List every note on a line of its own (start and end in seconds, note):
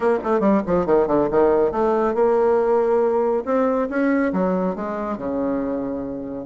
0.00 0.18 A#3
0.23 0.40 A3
0.40 0.61 G3
0.66 0.85 F3
0.85 1.07 D#3
1.07 1.28 D3
1.30 1.71 D#3
1.71 2.14 A3
2.14 3.44 A#3
3.45 3.88 C4
3.89 4.32 C#4
4.33 4.75 F#3
4.75 5.17 G#3
5.17 6.46 C#3